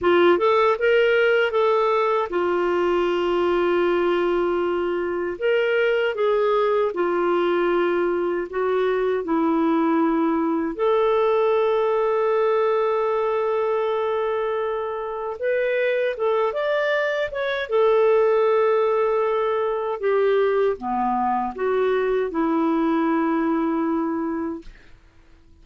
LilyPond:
\new Staff \with { instrumentName = "clarinet" } { \time 4/4 \tempo 4 = 78 f'8 a'8 ais'4 a'4 f'4~ | f'2. ais'4 | gis'4 f'2 fis'4 | e'2 a'2~ |
a'1 | b'4 a'8 d''4 cis''8 a'4~ | a'2 g'4 b4 | fis'4 e'2. | }